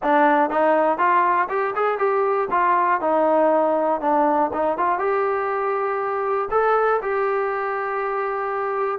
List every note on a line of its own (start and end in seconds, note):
0.02 0.50 D4
0.50 0.98 D#4
0.98 1.48 F4
1.49 1.74 G4
1.75 1.98 G#4
1.98 2.48 G4
2.50 3.00 F4
3.00 4.00 D#4
4.00 4.50 D4
4.53 4.77 D#4
4.77 4.99 F4
4.99 6.49 G4
6.50 7.00 A4
7.01 8.98 G4